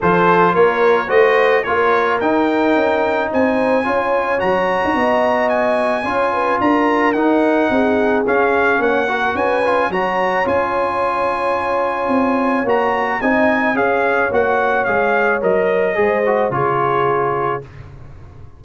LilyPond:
<<
  \new Staff \with { instrumentName = "trumpet" } { \time 4/4 \tempo 4 = 109 c''4 cis''4 dis''4 cis''4 | g''2 gis''2 | ais''2 gis''2 | ais''4 fis''2 f''4 |
fis''4 gis''4 ais''4 gis''4~ | gis''2. ais''4 | gis''4 f''4 fis''4 f''4 | dis''2 cis''2 | }
  \new Staff \with { instrumentName = "horn" } { \time 4/4 a'4 ais'4 c''4 ais'4~ | ais'2 c''4 cis''4~ | cis''4 dis''2 cis''8 b'8 | ais'2 gis'2 |
cis''8 ais'8 b'4 cis''2~ | cis''1 | dis''4 cis''2.~ | cis''4 c''4 gis'2 | }
  \new Staff \with { instrumentName = "trombone" } { \time 4/4 f'2 fis'4 f'4 | dis'2. f'4 | fis'2. f'4~ | f'4 dis'2 cis'4~ |
cis'8 fis'4 f'8 fis'4 f'4~ | f'2. fis'4 | dis'4 gis'4 fis'4 gis'4 | ais'4 gis'8 fis'8 f'2 | }
  \new Staff \with { instrumentName = "tuba" } { \time 4/4 f4 ais4 a4 ais4 | dis'4 cis'4 c'4 cis'4 | fis8. dis'16 b2 cis'4 | d'4 dis'4 c'4 cis'4 |
ais4 cis'4 fis4 cis'4~ | cis'2 c'4 ais4 | c'4 cis'4 ais4 gis4 | fis4 gis4 cis2 | }
>>